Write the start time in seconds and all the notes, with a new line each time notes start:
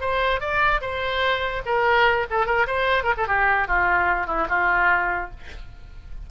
0.00 C5
0.40 D5
0.81 C5
1.65 A#4
2.30 A4
2.46 A#4
2.66 C5
3.03 A#4
3.17 A4
3.27 G4
3.67 F4
4.26 E4
4.49 F4